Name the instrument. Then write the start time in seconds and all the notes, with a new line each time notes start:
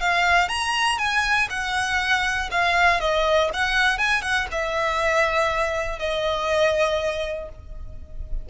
violin
0.00 F5
0.48 A#5
0.98 G#5
1.49 F#5
2.51 F5
3.00 D#5
3.53 F#5
3.98 G#5
4.22 F#5
4.51 E5
5.99 D#5